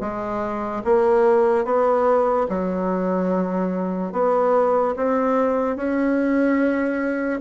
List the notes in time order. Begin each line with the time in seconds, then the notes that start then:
0.00 G#3
0.84 A#3
1.64 B3
2.48 F#3
4.12 B3
4.96 C4
5.76 C#4